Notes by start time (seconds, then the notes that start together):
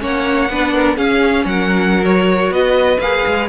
0.00 A#3 C#4 C#5 F#5
0.49 B3 D4 B4
0.74 A#4
0.97 C#4 G#4 F5
1.45 F#3 A#4 F#5
2.03 F#4 C#5
2.50 B3 B4 D#5
3.00 A#3 G#4 F5
3.27 G#3